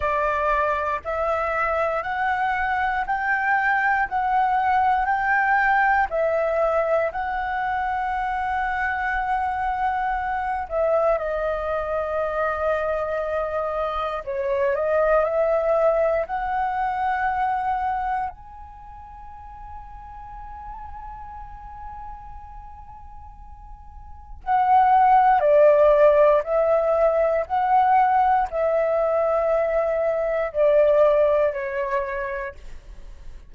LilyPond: \new Staff \with { instrumentName = "flute" } { \time 4/4 \tempo 4 = 59 d''4 e''4 fis''4 g''4 | fis''4 g''4 e''4 fis''4~ | fis''2~ fis''8 e''8 dis''4~ | dis''2 cis''8 dis''8 e''4 |
fis''2 gis''2~ | gis''1 | fis''4 d''4 e''4 fis''4 | e''2 d''4 cis''4 | }